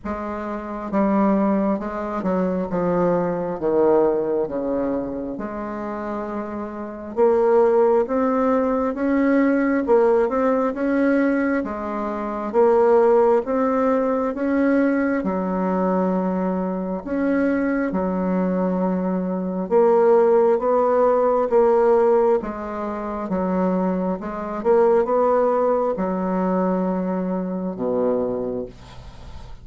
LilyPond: \new Staff \with { instrumentName = "bassoon" } { \time 4/4 \tempo 4 = 67 gis4 g4 gis8 fis8 f4 | dis4 cis4 gis2 | ais4 c'4 cis'4 ais8 c'8 | cis'4 gis4 ais4 c'4 |
cis'4 fis2 cis'4 | fis2 ais4 b4 | ais4 gis4 fis4 gis8 ais8 | b4 fis2 b,4 | }